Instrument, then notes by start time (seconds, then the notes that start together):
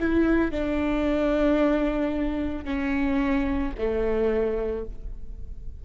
viola
0.00 E4
0.52 D4
2.65 C#4
3.78 A3